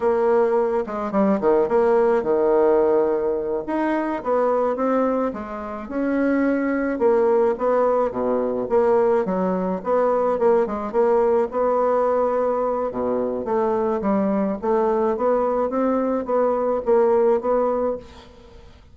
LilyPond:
\new Staff \with { instrumentName = "bassoon" } { \time 4/4 \tempo 4 = 107 ais4. gis8 g8 dis8 ais4 | dis2~ dis8 dis'4 b8~ | b8 c'4 gis4 cis'4.~ | cis'8 ais4 b4 b,4 ais8~ |
ais8 fis4 b4 ais8 gis8 ais8~ | ais8 b2~ b8 b,4 | a4 g4 a4 b4 | c'4 b4 ais4 b4 | }